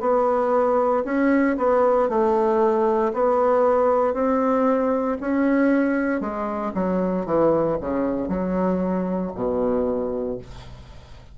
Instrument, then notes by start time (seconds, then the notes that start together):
bassoon
0.00 B3
1.04 C#4
1.57 B3
2.08 A3
3.13 B3
4.13 C4
5.21 C#4
6.20 G#3
6.74 F#3
7.25 E3
7.80 C#3
8.28 F#3
9.34 B2